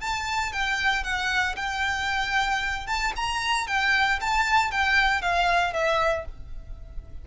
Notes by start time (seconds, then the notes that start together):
0.00 A5
0.52 G5
1.03 F#5
1.56 G5
2.86 A5
3.16 A#5
3.67 G5
4.20 A5
4.71 G5
5.21 F5
5.73 E5